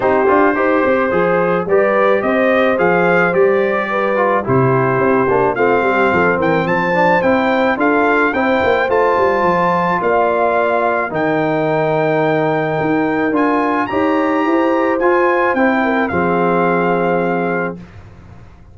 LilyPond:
<<
  \new Staff \with { instrumentName = "trumpet" } { \time 4/4 \tempo 4 = 108 c''2. d''4 | dis''4 f''4 d''2 | c''2 f''4. g''8 | a''4 g''4 f''4 g''4 |
a''2 f''2 | g''1 | gis''4 ais''2 gis''4 | g''4 f''2. | }
  \new Staff \with { instrumentName = "horn" } { \time 4/4 g'4 c''2 b'4 | c''2. b'4 | g'2 f'8 g'8 a'8 ais'8 | c''2 a'4 c''4~ |
c''2 d''2 | ais'1~ | ais'4 cis''4 c''2~ | c''8 ais'8 gis'2. | }
  \new Staff \with { instrumentName = "trombone" } { \time 4/4 dis'8 f'8 g'4 gis'4 g'4~ | g'4 gis'4 g'4. f'8 | e'4. d'8 c'2~ | c'8 d'8 e'4 f'4 e'4 |
f'1 | dis'1 | f'4 g'2 f'4 | e'4 c'2. | }
  \new Staff \with { instrumentName = "tuba" } { \time 4/4 c'8 d'8 dis'8 c'8 f4 g4 | c'4 f4 g2 | c4 c'8 ais8 a8 g8 f8 e8 | f4 c'4 d'4 c'8 ais8 |
a8 g8 f4 ais2 | dis2. dis'4 | d'4 dis'4 e'4 f'4 | c'4 f2. | }
>>